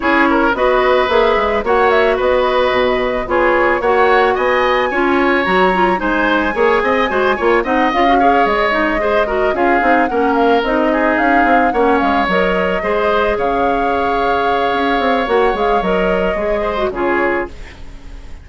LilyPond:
<<
  \new Staff \with { instrumentName = "flute" } { \time 4/4 \tempo 4 = 110 cis''4 dis''4 e''4 fis''8 e''8 | dis''2 cis''4 fis''4 | gis''2 ais''4 gis''4~ | gis''2 fis''8 f''4 dis''8~ |
dis''4. f''4 fis''8 f''8 dis''8~ | dis''8 f''4 fis''8 f''8 dis''4.~ | dis''8 f''2.~ f''8 | fis''8 f''8 dis''2 cis''4 | }
  \new Staff \with { instrumentName = "oboe" } { \time 4/4 gis'8 ais'8 b'2 cis''4 | b'2 gis'4 cis''4 | dis''4 cis''2 c''4 | cis''8 dis''8 c''8 cis''8 dis''4 cis''4~ |
cis''8 c''8 ais'8 gis'4 ais'4. | gis'4. cis''2 c''8~ | c''8 cis''2.~ cis''8~ | cis''2~ cis''8 c''8 gis'4 | }
  \new Staff \with { instrumentName = "clarinet" } { \time 4/4 e'4 fis'4 gis'4 fis'4~ | fis'2 f'4 fis'4~ | fis'4 f'4 fis'8 f'8 dis'4 | gis'4 fis'8 f'8 dis'8 f'16 fis'16 gis'4 |
dis'8 gis'8 fis'8 f'8 dis'8 cis'4 dis'8~ | dis'4. cis'4 ais'4 gis'8~ | gis'1 | fis'8 gis'8 ais'4 gis'8. fis'16 f'4 | }
  \new Staff \with { instrumentName = "bassoon" } { \time 4/4 cis'4 b4 ais8 gis8 ais4 | b4 b,4 b4 ais4 | b4 cis'4 fis4 gis4 | ais8 c'8 gis8 ais8 c'8 cis'4 gis8~ |
gis4. cis'8 c'8 ais4 c'8~ | c'8 cis'8 c'8 ais8 gis8 fis4 gis8~ | gis8 cis2~ cis8 cis'8 c'8 | ais8 gis8 fis4 gis4 cis4 | }
>>